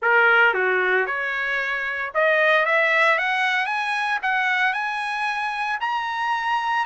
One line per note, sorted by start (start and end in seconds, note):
0.01 0.54 A#4
0.54 1.06 F#4
1.06 2.11 C#5
2.14 2.65 D#5
2.65 3.18 E5
3.18 3.66 F#5
3.66 4.18 G#5
4.22 4.73 F#5
4.73 5.78 G#5
5.80 6.85 A#5